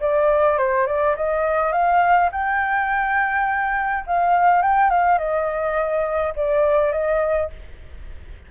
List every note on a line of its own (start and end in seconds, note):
0.00 0.57 D5
0.57 0.86 C5
0.86 1.15 D5
1.16 1.72 D#5
1.72 2.29 F5
2.31 4.04 G5
4.06 4.62 F5
4.62 4.90 G5
4.90 5.18 F5
5.18 6.33 D#5
6.35 6.92 D5
6.92 7.49 D#5